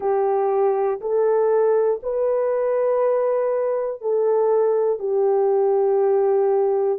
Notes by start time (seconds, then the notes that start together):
0.00 G4
1.00 A4
2.02 B4
4.01 A4
4.99 G4